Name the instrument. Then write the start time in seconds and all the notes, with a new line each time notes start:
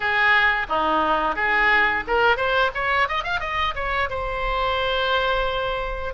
oboe
0.00 G#4
0.68 D#4
1.35 G#4
2.07 A#4
2.36 C5
2.74 C#5
3.08 D#5
3.23 F5
3.40 D#5
3.75 C#5
4.09 C5